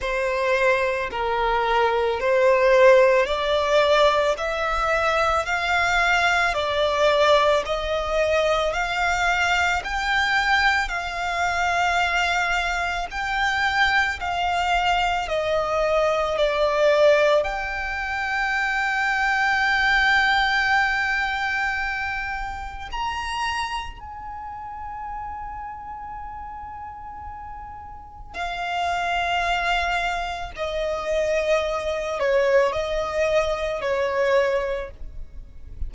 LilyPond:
\new Staff \with { instrumentName = "violin" } { \time 4/4 \tempo 4 = 55 c''4 ais'4 c''4 d''4 | e''4 f''4 d''4 dis''4 | f''4 g''4 f''2 | g''4 f''4 dis''4 d''4 |
g''1~ | g''4 ais''4 gis''2~ | gis''2 f''2 | dis''4. cis''8 dis''4 cis''4 | }